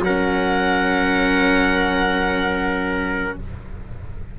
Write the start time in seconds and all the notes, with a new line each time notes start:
0.00 F#3 C#4 A#4 F#5